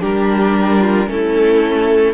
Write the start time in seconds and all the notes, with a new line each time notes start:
0.00 G3 D4 G4 A#4
0.80 F4
1.07 A3 C#4 E4 A4